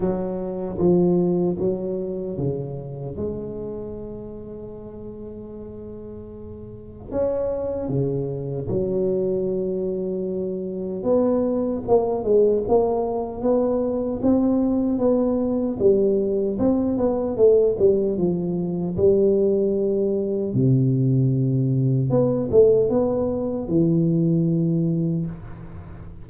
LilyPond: \new Staff \with { instrumentName = "tuba" } { \time 4/4 \tempo 4 = 76 fis4 f4 fis4 cis4 | gis1~ | gis4 cis'4 cis4 fis4~ | fis2 b4 ais8 gis8 |
ais4 b4 c'4 b4 | g4 c'8 b8 a8 g8 f4 | g2 c2 | b8 a8 b4 e2 | }